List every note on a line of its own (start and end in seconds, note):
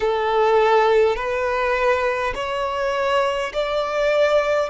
0.00 1.16 A4
1.16 2.33 B4
2.34 3.52 C#5
3.53 4.70 D5